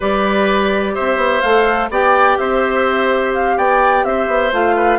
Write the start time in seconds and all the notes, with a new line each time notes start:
0.00 G3 G4 B4 D5
0.94 C4 C5 E5
1.16 B3
1.41 A3 A4 F5
1.90 B3 G4 D5 G5
2.37 C4 C5 E5
3.34 F5
3.57 B3 D5 G5
4.04 C4 C5 E5
4.27 B3
4.52 A3 F4 F5
4.76 B4